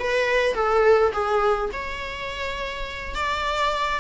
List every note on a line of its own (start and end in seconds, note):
0.00 0.55 B4
0.55 1.12 A4
1.13 1.71 G#4
1.73 3.15 C#5
3.15 4.00 D5